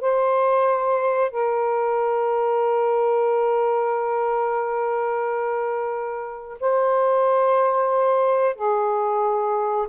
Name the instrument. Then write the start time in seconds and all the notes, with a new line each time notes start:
saxophone
0.00 C5
1.30 A#4
6.60 C5
8.55 G#4